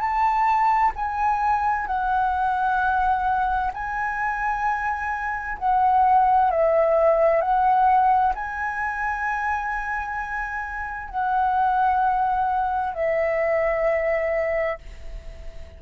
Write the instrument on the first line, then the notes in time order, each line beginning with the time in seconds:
flute
0.00 A5
0.96 G#5
1.87 F#5
3.73 G#5
5.58 F#5
6.51 E5
7.41 F#5
8.35 G#5
11.09 F#5
12.94 E5